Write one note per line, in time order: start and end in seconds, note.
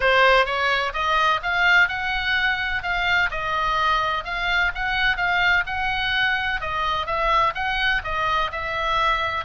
0.00 0.45 C5
0.45 0.92 C#5
0.93 1.40 D#5
1.42 1.88 F5
1.88 2.82 F#5
2.82 3.30 F5
3.30 4.24 D#5
4.24 4.71 F5
4.74 5.16 F#5
5.16 5.64 F5
5.66 6.60 F#5
6.60 7.06 D#5
7.06 7.53 E5
7.55 8.02 F#5
8.03 8.51 D#5
8.51 9.45 E5